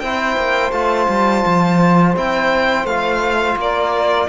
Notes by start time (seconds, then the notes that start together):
0.00 C4 E4 C5 G5
0.37 A#3
0.72 A3 F4 A5
1.09 G3
1.46 F3
2.16 C4 E4 G5
2.85 A3 F4 F5
3.57 A#3 A#4 D5